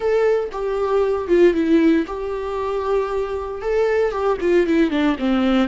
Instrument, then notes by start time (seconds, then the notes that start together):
viola
0.00 A4
0.51 G4
1.27 F4
1.53 E4
2.06 G4
3.61 A4
4.11 G4
4.40 F4
4.66 E4
4.90 D4
5.19 C4